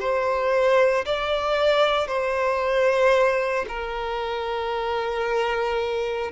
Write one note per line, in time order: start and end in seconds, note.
0.00 1.05 C5
1.06 2.08 D5
2.08 3.66 C5
3.68 6.32 A#4